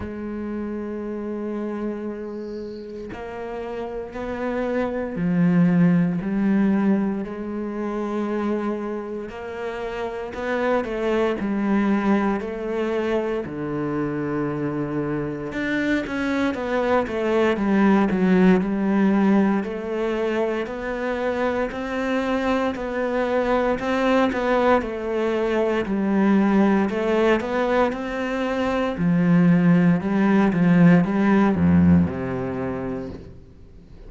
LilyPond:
\new Staff \with { instrumentName = "cello" } { \time 4/4 \tempo 4 = 58 gis2. ais4 | b4 f4 g4 gis4~ | gis4 ais4 b8 a8 g4 | a4 d2 d'8 cis'8 |
b8 a8 g8 fis8 g4 a4 | b4 c'4 b4 c'8 b8 | a4 g4 a8 b8 c'4 | f4 g8 f8 g8 f,8 c4 | }